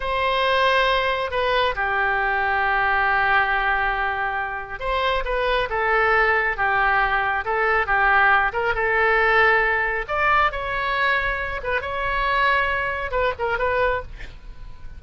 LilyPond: \new Staff \with { instrumentName = "oboe" } { \time 4/4 \tempo 4 = 137 c''2. b'4 | g'1~ | g'2. c''4 | b'4 a'2 g'4~ |
g'4 a'4 g'4. ais'8 | a'2. d''4 | cis''2~ cis''8 b'8 cis''4~ | cis''2 b'8 ais'8 b'4 | }